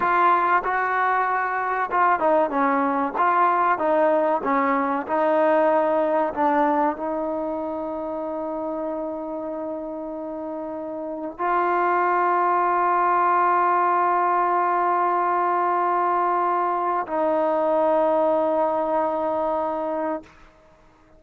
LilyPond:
\new Staff \with { instrumentName = "trombone" } { \time 4/4 \tempo 4 = 95 f'4 fis'2 f'8 dis'8 | cis'4 f'4 dis'4 cis'4 | dis'2 d'4 dis'4~ | dis'1~ |
dis'2 f'2~ | f'1~ | f'2. dis'4~ | dis'1 | }